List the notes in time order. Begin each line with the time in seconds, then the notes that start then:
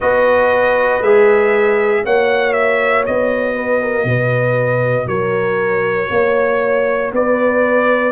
0.00 B3 F#4 B4 D#5
1.00 G#3 G#4 E5
2.04 A#3 F#4 C#5 F#5
2.53 E5
3.06 B3 D#5
3.55 B4
3.82 A#4
4.04 B2 B4
5.06 F#3 A#4 C#5
6.10 A#3 C#5
7.12 B3 B4 D5